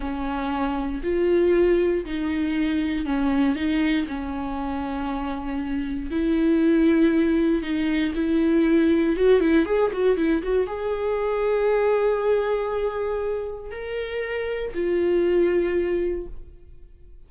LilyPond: \new Staff \with { instrumentName = "viola" } { \time 4/4 \tempo 4 = 118 cis'2 f'2 | dis'2 cis'4 dis'4 | cis'1 | e'2. dis'4 |
e'2 fis'8 e'8 gis'8 fis'8 | e'8 fis'8 gis'2.~ | gis'2. ais'4~ | ais'4 f'2. | }